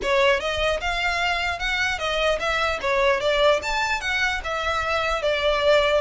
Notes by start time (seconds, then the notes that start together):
0.02 C#5
0.40 D#5
0.80 F5
1.59 F#5
1.99 D#5
2.39 E5
2.81 C#5
3.20 D5
3.62 A5
4.00 F#5
4.43 E5
5.21 D5